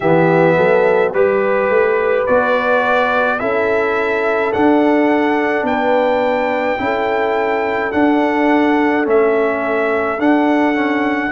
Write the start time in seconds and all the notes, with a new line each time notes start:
0.00 E3 B3 G4 E5
0.56 F#3 A4
1.13 G3 G4 B4
1.69 A3
2.26 B3 F#4 D5
3.39 C#4 E4 A4 E5
4.52 D4 F#5
5.62 B3 B4 G5
6.78 C#4 E4 A4
7.92 D4 F#5
9.04 A3 C#4 E5
10.18 D4 F#5
10.74 C#4